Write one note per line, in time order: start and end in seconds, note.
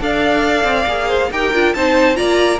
0.00 0.64 D4
0.00 0.86 A4
0.00 1.08 D5
0.00 1.32 F5
0.64 0.86 C4
0.87 1.30 A#3
0.87 1.31 G#4
1.08 1.30 C5
1.31 1.53 D#4
1.31 1.54 G4
1.31 1.76 A#4
1.31 1.74 G5
1.53 1.75 D4
1.53 1.75 F4
1.74 2.19 C4
1.74 2.15 D#4
1.74 2.17 C5
1.74 2.16 A5
2.15 2.60 A#3
2.15 2.58 F4
2.15 2.60 D5
2.15 2.59 A#5